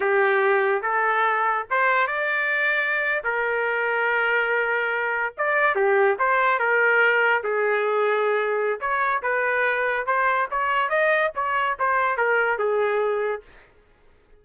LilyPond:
\new Staff \with { instrumentName = "trumpet" } { \time 4/4 \tempo 4 = 143 g'2 a'2 | c''4 d''2~ d''8. ais'16~ | ais'1~ | ais'8. d''4 g'4 c''4 ais'16~ |
ais'4.~ ais'16 gis'2~ gis'16~ | gis'4 cis''4 b'2 | c''4 cis''4 dis''4 cis''4 | c''4 ais'4 gis'2 | }